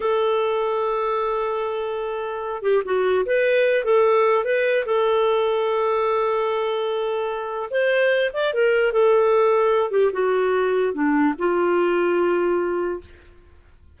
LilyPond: \new Staff \with { instrumentName = "clarinet" } { \time 4/4 \tempo 4 = 148 a'1~ | a'2~ a'8 g'8 fis'4 | b'4. a'4. b'4 | a'1~ |
a'2. c''4~ | c''8 d''8 ais'4 a'2~ | a'8 g'8 fis'2 d'4 | f'1 | }